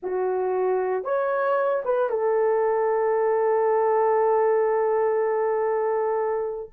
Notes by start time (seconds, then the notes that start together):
0.03 F#4
1.04 C#5
1.84 B4
2.09 A4